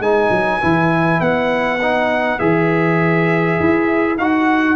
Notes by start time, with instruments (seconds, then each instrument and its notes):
0.00 tuba G#3, trombone D#4, horn B4, trumpet G#5
0.31 tuba F#3
0.61 tuba E3, trombone E4
1.20 tuba B3, trumpet F#5
1.82 trombone D#4
2.39 tuba E3, trombone G#4, trumpet E5
3.60 tuba E4
4.18 tuba D#4, trombone F#4, trumpet F#5